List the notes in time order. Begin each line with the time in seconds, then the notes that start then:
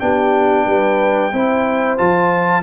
0.00 B3 D4 G4 G5
0.66 G3 B4
1.33 C4 E4 C5
1.98 F3 F4 A5